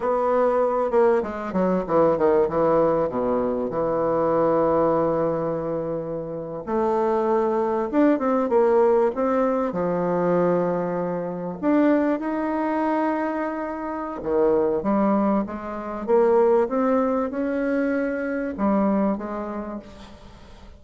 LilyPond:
\new Staff \with { instrumentName = "bassoon" } { \time 4/4 \tempo 4 = 97 b4. ais8 gis8 fis8 e8 dis8 | e4 b,4 e2~ | e2~ e8. a4~ a16~ | a8. d'8 c'8 ais4 c'4 f16~ |
f2~ f8. d'4 dis'16~ | dis'2. dis4 | g4 gis4 ais4 c'4 | cis'2 g4 gis4 | }